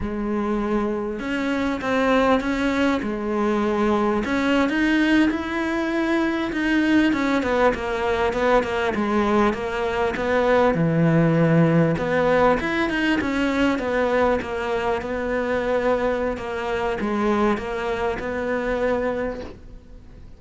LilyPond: \new Staff \with { instrumentName = "cello" } { \time 4/4 \tempo 4 = 99 gis2 cis'4 c'4 | cis'4 gis2 cis'8. dis'16~ | dis'8. e'2 dis'4 cis'16~ | cis'16 b8 ais4 b8 ais8 gis4 ais16~ |
ais8. b4 e2 b16~ | b8. e'8 dis'8 cis'4 b4 ais16~ | ais8. b2~ b16 ais4 | gis4 ais4 b2 | }